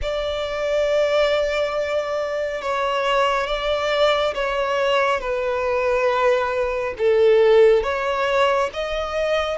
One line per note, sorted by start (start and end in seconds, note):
0.02 2.61 D5
2.61 3.47 C#5
3.47 4.34 D5
4.34 5.20 C#5
5.20 6.94 B4
6.98 7.83 A4
7.83 8.70 C#5
8.73 9.57 D#5